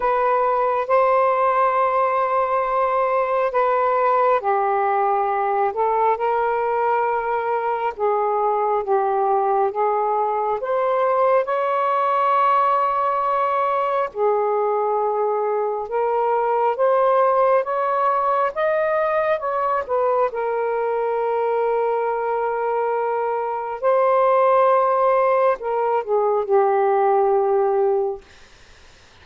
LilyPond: \new Staff \with { instrumentName = "saxophone" } { \time 4/4 \tempo 4 = 68 b'4 c''2. | b'4 g'4. a'8 ais'4~ | ais'4 gis'4 g'4 gis'4 | c''4 cis''2. |
gis'2 ais'4 c''4 | cis''4 dis''4 cis''8 b'8 ais'4~ | ais'2. c''4~ | c''4 ais'8 gis'8 g'2 | }